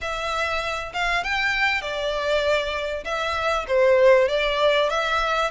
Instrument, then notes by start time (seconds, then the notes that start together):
violin
0.01 E5
0.93 F5
1.23 G5
1.81 D5
3.04 E5
3.67 C5
4.28 D5
4.89 E5